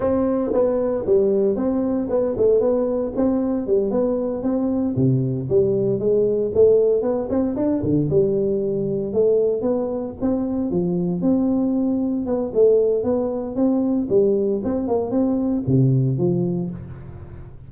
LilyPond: \new Staff \with { instrumentName = "tuba" } { \time 4/4 \tempo 4 = 115 c'4 b4 g4 c'4 | b8 a8 b4 c'4 g8 b8~ | b8 c'4 c4 g4 gis8~ | gis8 a4 b8 c'8 d'8 d8 g8~ |
g4. a4 b4 c'8~ | c'8 f4 c'2 b8 | a4 b4 c'4 g4 | c'8 ais8 c'4 c4 f4 | }